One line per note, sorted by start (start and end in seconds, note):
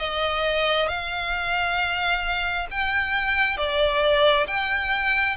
0.00 0.89 D#5
0.89 2.68 F5
2.71 3.58 G5
3.58 4.47 D5
4.48 5.37 G5